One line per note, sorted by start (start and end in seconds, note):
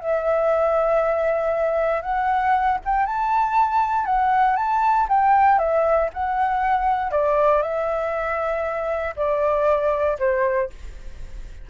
0.00 2.02 E5
2.02 2.78 F#5
2.85 3.06 G5
3.06 4.06 A5
4.06 4.56 F#5
4.56 5.07 A5
5.09 5.59 G5
5.59 6.09 E5
6.13 7.11 F#5
7.11 7.62 D5
7.62 9.15 E5
9.16 10.18 D5
10.19 10.70 C5